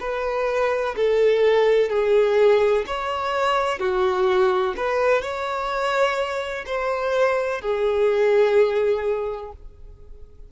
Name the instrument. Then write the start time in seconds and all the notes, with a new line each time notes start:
violin
0.00 B4
0.96 A4
1.90 G#4
2.87 C#5
3.79 F#4
4.77 B4
5.22 C#5
6.66 C5
7.61 G#4